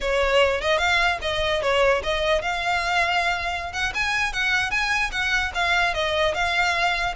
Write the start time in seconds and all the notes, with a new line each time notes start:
0.01 C#5
0.61 D#5
0.78 F5
1.21 D#5
1.61 C#5
2.03 D#5
2.41 F5
3.72 F#5
3.94 G#5
4.33 F#5
4.70 G#5
5.11 F#5
5.54 F5
5.94 D#5
6.34 F5